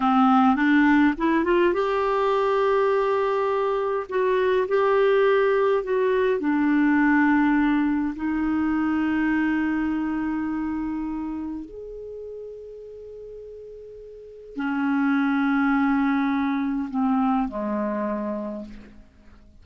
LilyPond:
\new Staff \with { instrumentName = "clarinet" } { \time 4/4 \tempo 4 = 103 c'4 d'4 e'8 f'8 g'4~ | g'2. fis'4 | g'2 fis'4 d'4~ | d'2 dis'2~ |
dis'1 | gis'1~ | gis'4 cis'2.~ | cis'4 c'4 gis2 | }